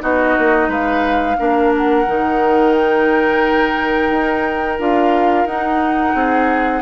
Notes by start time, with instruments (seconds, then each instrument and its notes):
0.00 bassoon B3, clarinet D#4, oboe F#4, flute D#5
0.38 bassoon A#3
0.68 bassoon G#3, oboe B4, flute F5
1.38 bassoon A#3, clarinet D4, oboe A#4
1.77 flute F#5
2.07 bassoon D#3, clarinet D#4
2.75 flute G5
4.11 bassoon D#4
4.79 bassoon D4, clarinet F4, flute F5
5.46 bassoon D#4, clarinet D#4, flute F#5
6.14 bassoon C4, oboe G#4